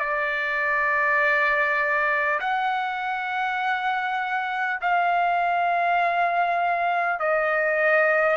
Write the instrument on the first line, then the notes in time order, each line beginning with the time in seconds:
trumpet
0.00 D5
2.41 F#5
4.82 F5
7.19 D#5